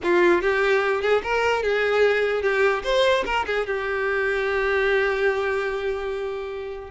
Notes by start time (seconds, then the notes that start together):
0.03 F4
0.41 G4
1.01 G#4
1.23 A#4
1.62 G#4
2.42 G4
2.83 C5
3.25 A#4
3.46 G#4
3.66 G4